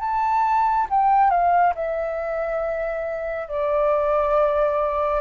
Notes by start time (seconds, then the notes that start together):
0.00 A5
0.90 G5
1.30 F5
1.75 E5
3.48 D5